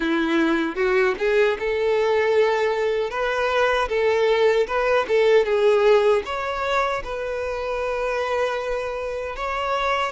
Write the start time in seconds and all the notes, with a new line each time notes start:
0.00 E4
0.75 F#4
1.18 G#4
1.59 A4
3.10 B4
3.88 A4
4.67 B4
5.08 A4
5.45 G#4
6.25 C#5
7.03 B4
9.36 C#5